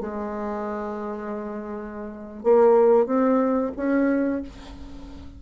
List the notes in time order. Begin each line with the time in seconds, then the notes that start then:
0.00 G#3
2.43 A#3
3.06 C4
3.76 C#4